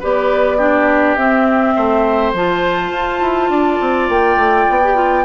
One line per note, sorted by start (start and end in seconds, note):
0.00 1.16 B3
0.00 0.59 G4
0.00 0.58 B4
0.00 1.15 D5
0.58 1.17 D4
0.58 1.74 G4
1.15 1.74 C4
1.15 2.35 C4
1.15 2.32 E5
1.76 2.33 A3
1.76 3.51 C5
2.33 2.91 F3
2.33 4.84 F4
2.33 4.10 A5
2.91 3.20 F4
3.21 3.49 E4
3.49 3.78 D4
3.49 5.25 D5
3.81 4.09 C4
4.09 4.37 A#3
4.09 5.25 G5
4.37 4.66 A3
4.70 5.25 B3
4.84 4.96 G4
4.96 5.25 F4